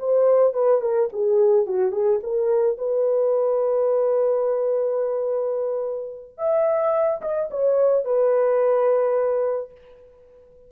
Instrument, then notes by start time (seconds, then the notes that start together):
horn
0.00 C5
0.54 B4
0.82 A#4
1.13 G#4
1.67 F#4
1.92 G#4
2.23 A#4
2.79 B4
6.38 E5
7.22 D#5
7.51 C#5
8.05 B4